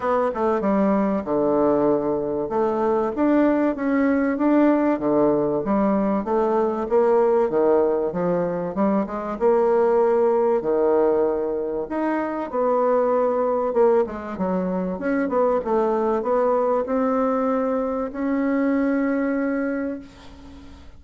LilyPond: \new Staff \with { instrumentName = "bassoon" } { \time 4/4 \tempo 4 = 96 b8 a8 g4 d2 | a4 d'4 cis'4 d'4 | d4 g4 a4 ais4 | dis4 f4 g8 gis8 ais4~ |
ais4 dis2 dis'4 | b2 ais8 gis8 fis4 | cis'8 b8 a4 b4 c'4~ | c'4 cis'2. | }